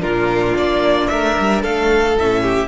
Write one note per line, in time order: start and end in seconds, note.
0.00 0.56 A#2
0.00 2.14 D4
0.00 1.09 F4
0.00 0.55 A#4
0.56 1.10 A#3
0.56 1.08 D5
1.08 1.37 A3
1.08 1.63 A#4
1.08 1.61 E5
1.39 1.64 G3
1.63 2.17 A3
1.63 2.42 A4
1.63 2.17 F5
2.17 2.68 A2
2.17 2.68 C#4
2.17 2.68 E5
2.42 2.68 G4